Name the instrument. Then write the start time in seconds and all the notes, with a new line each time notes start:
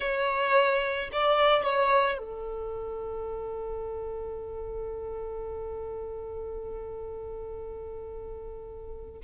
violin
0.00 C#5
1.12 D5
1.63 C#5
2.18 A4